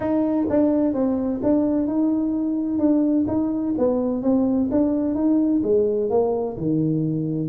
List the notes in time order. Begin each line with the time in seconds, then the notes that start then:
0.00 D#4
0.49 D4
0.93 C4
1.42 D4
1.87 D#4
2.78 D4
3.27 D#4
3.78 B3
4.22 C4
4.71 D4
5.14 D#4
5.63 G#3
6.10 A#3
6.57 D#3